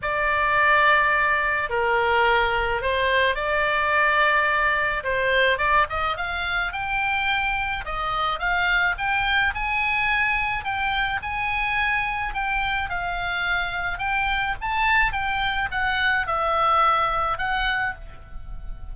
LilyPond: \new Staff \with { instrumentName = "oboe" } { \time 4/4 \tempo 4 = 107 d''2. ais'4~ | ais'4 c''4 d''2~ | d''4 c''4 d''8 dis''8 f''4 | g''2 dis''4 f''4 |
g''4 gis''2 g''4 | gis''2 g''4 f''4~ | f''4 g''4 a''4 g''4 | fis''4 e''2 fis''4 | }